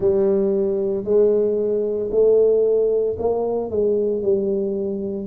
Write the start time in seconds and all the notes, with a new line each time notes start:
0.00 G3
1.04 G#3
2.11 A3
3.19 A#3
3.70 G#3
4.22 G3